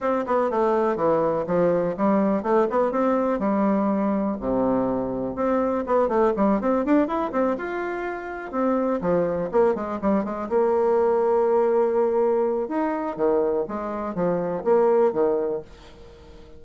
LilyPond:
\new Staff \with { instrumentName = "bassoon" } { \time 4/4 \tempo 4 = 123 c'8 b8 a4 e4 f4 | g4 a8 b8 c'4 g4~ | g4 c2 c'4 | b8 a8 g8 c'8 d'8 e'8 c'8 f'8~ |
f'4. c'4 f4 ais8 | gis8 g8 gis8 ais2~ ais8~ | ais2 dis'4 dis4 | gis4 f4 ais4 dis4 | }